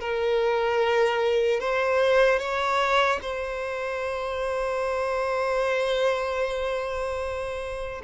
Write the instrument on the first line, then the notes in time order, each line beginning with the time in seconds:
violin
0.00 A#4
1.60 C5
2.39 C#5
3.22 C5